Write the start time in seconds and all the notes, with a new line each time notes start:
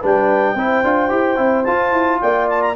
0.00 G3 D4 B4 G5
0.55 C4 E4 C5
0.84 D4 F4
1.09 E4 G4
1.37 C4 E4
1.64 F4 A5
1.93 E4
2.21 A#3 D5 G5
2.50 A5
2.62 A#5